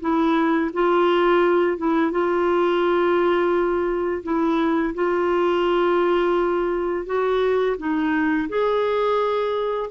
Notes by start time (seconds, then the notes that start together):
0.00 E4
0.73 F4
1.77 E4
2.11 F4
4.23 E4
4.94 F4
7.06 F#4
7.77 D#4
8.49 G#4